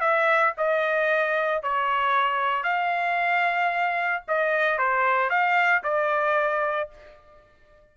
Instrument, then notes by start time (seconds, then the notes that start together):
trumpet
0.00 E5
0.57 D#5
1.63 C#5
2.64 F5
4.28 D#5
4.78 C5
5.30 F5
5.83 D5